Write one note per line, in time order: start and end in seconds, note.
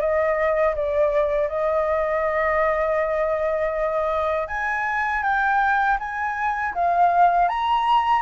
0.00 0.75 D#5
0.75 1.48 D5
1.48 4.48 D#5
4.48 5.23 G#5
5.23 5.98 G5
5.99 6.74 G#5
6.74 7.48 F5
7.48 8.22 A#5